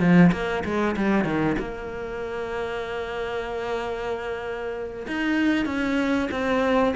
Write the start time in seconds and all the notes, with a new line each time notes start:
0.00 F3
0.32 A#3
0.65 G#3
0.97 G3
1.25 D#3
1.59 A#3
5.08 D#4
5.66 C#4
6.32 C4